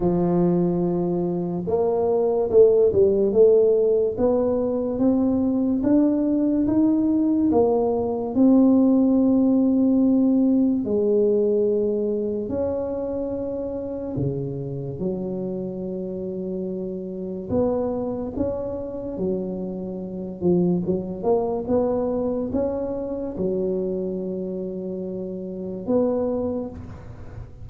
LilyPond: \new Staff \with { instrumentName = "tuba" } { \time 4/4 \tempo 4 = 72 f2 ais4 a8 g8 | a4 b4 c'4 d'4 | dis'4 ais4 c'2~ | c'4 gis2 cis'4~ |
cis'4 cis4 fis2~ | fis4 b4 cis'4 fis4~ | fis8 f8 fis8 ais8 b4 cis'4 | fis2. b4 | }